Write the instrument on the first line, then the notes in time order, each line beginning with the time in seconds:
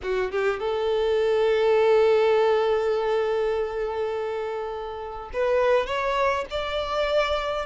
violin
0.02 F#4
0.31 G4
0.59 A4
5.33 B4
5.86 C#5
6.50 D5